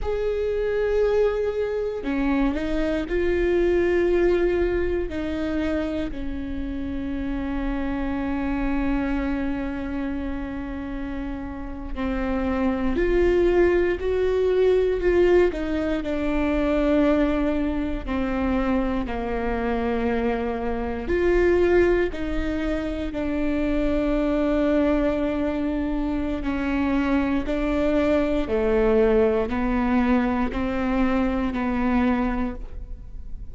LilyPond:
\new Staff \with { instrumentName = "viola" } { \time 4/4 \tempo 4 = 59 gis'2 cis'8 dis'8 f'4~ | f'4 dis'4 cis'2~ | cis'2.~ cis'8. c'16~ | c'8. f'4 fis'4 f'8 dis'8 d'16~ |
d'4.~ d'16 c'4 ais4~ ais16~ | ais8. f'4 dis'4 d'4~ d'16~ | d'2 cis'4 d'4 | a4 b4 c'4 b4 | }